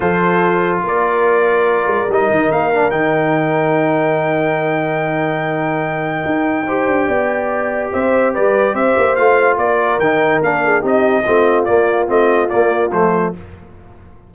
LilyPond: <<
  \new Staff \with { instrumentName = "trumpet" } { \time 4/4 \tempo 4 = 144 c''2 d''2~ | d''4 dis''4 f''4 g''4~ | g''1~ | g''1~ |
g''2. e''4 | d''4 e''4 f''4 d''4 | g''4 f''4 dis''2 | d''4 dis''4 d''4 c''4 | }
  \new Staff \with { instrumentName = "horn" } { \time 4/4 a'2 ais'2~ | ais'1~ | ais'1~ | ais'1 |
c''4 d''2 c''4 | b'4 c''2 ais'4~ | ais'4. gis'8 g'4 f'4~ | f'1 | }
  \new Staff \with { instrumentName = "trombone" } { \time 4/4 f'1~ | f'4 dis'4. d'8 dis'4~ | dis'1~ | dis'1 |
g'1~ | g'2 f'2 | dis'4 d'4 dis'4 c'4 | ais4 c'4 ais4 a4 | }
  \new Staff \with { instrumentName = "tuba" } { \time 4/4 f2 ais2~ | ais8 gis8 g8 dis8 ais4 dis4~ | dis1~ | dis2. dis'4~ |
dis'8 d'8 b2 c'4 | g4 c'8 ais8 a4 ais4 | dis4 ais4 c'4 a4 | ais4 a4 ais4 f4 | }
>>